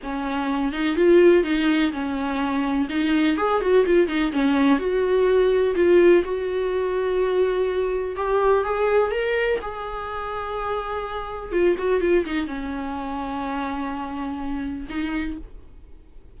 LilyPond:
\new Staff \with { instrumentName = "viola" } { \time 4/4 \tempo 4 = 125 cis'4. dis'8 f'4 dis'4 | cis'2 dis'4 gis'8 fis'8 | f'8 dis'8 cis'4 fis'2 | f'4 fis'2.~ |
fis'4 g'4 gis'4 ais'4 | gis'1 | f'8 fis'8 f'8 dis'8 cis'2~ | cis'2. dis'4 | }